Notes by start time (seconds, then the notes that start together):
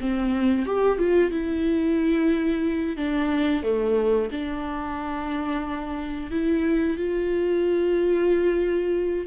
0.00 C4
0.65 G4
0.98 F4
1.31 E4
2.97 D4
3.62 A3
4.31 D4
6.31 E4
6.97 F4